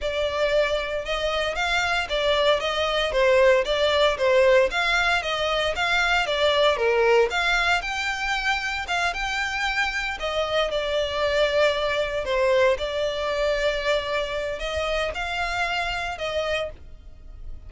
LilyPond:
\new Staff \with { instrumentName = "violin" } { \time 4/4 \tempo 4 = 115 d''2 dis''4 f''4 | d''4 dis''4 c''4 d''4 | c''4 f''4 dis''4 f''4 | d''4 ais'4 f''4 g''4~ |
g''4 f''8 g''2 dis''8~ | dis''8 d''2. c''8~ | c''8 d''2.~ d''8 | dis''4 f''2 dis''4 | }